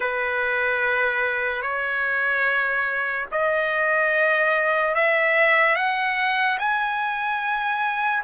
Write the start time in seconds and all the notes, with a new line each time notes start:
0.00 B4
1.62 C#5
3.31 D#5
4.94 E5
5.75 F#5
6.59 G#5